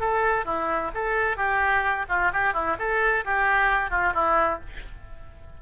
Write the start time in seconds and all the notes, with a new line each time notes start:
0.00 A4
0.45 E4
0.94 A4
1.37 G4
2.09 F4
2.33 G4
2.53 E4
2.79 A4
3.25 G4
3.90 F4
4.14 E4